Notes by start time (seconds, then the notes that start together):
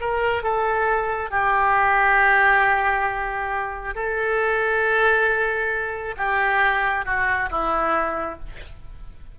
0.00 A#4
0.43 A4
1.30 G4
3.95 A4
6.17 G4
7.05 F#4
7.50 E4